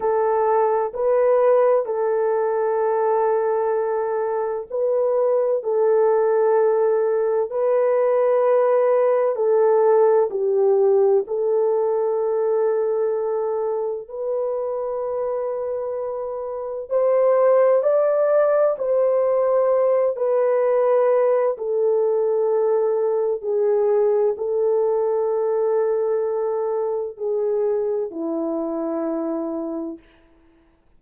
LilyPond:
\new Staff \with { instrumentName = "horn" } { \time 4/4 \tempo 4 = 64 a'4 b'4 a'2~ | a'4 b'4 a'2 | b'2 a'4 g'4 | a'2. b'4~ |
b'2 c''4 d''4 | c''4. b'4. a'4~ | a'4 gis'4 a'2~ | a'4 gis'4 e'2 | }